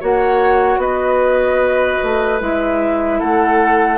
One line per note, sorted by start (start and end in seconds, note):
0.00 0.77 A#3
0.00 2.40 F#4
0.00 0.80 C#5
0.00 0.80 F#5
0.77 1.97 B3
0.77 3.19 B4
0.77 2.40 D#5
2.03 2.41 A3
2.40 3.21 G#3
2.40 3.98 E4
2.40 3.20 E5
3.19 3.98 A3
3.19 3.98 A4
3.19 3.98 F#5